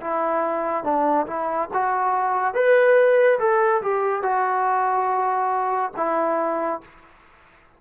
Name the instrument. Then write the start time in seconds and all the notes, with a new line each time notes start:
trombone
0.00 E4
0.83 D4
1.26 E4
1.73 F#4
2.54 B4
3.39 A4
3.81 G4
4.22 F#4
5.96 E4